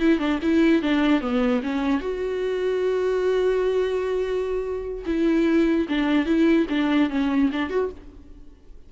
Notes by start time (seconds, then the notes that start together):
0.00 E4
0.19 D4
0.43 E4
0.83 D4
1.21 B3
1.63 C#4
2.01 F#4
5.06 E4
5.89 D4
6.26 E4
6.70 D4
7.10 C#4
7.52 D4
7.70 F#4